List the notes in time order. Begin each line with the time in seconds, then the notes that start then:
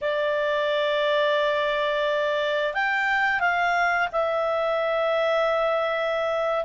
0.01 D5
2.73 G5
3.40 F5
4.12 E5